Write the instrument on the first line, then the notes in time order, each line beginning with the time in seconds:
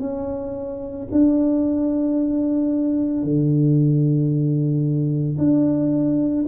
tuba
0.00 C#4
1.12 D4
3.23 D3
5.38 D4